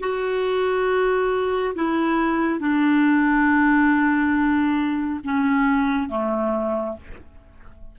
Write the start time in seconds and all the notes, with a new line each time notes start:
0.00 F#4
1.75 E4
2.60 D4
5.24 C#4
6.09 A3